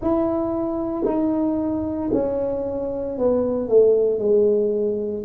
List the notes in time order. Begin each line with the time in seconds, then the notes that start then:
0.01 E4
1.04 D#4
2.12 C#4
3.18 B3
3.68 A3
4.18 G#3